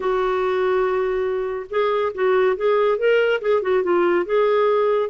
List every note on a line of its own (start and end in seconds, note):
0.00 1.66 F#4
1.70 2.12 G#4
2.14 2.56 F#4
2.56 2.98 G#4
2.98 3.40 A#4
3.41 3.62 G#4
3.62 3.83 F#4
3.83 4.25 F4
4.25 5.09 G#4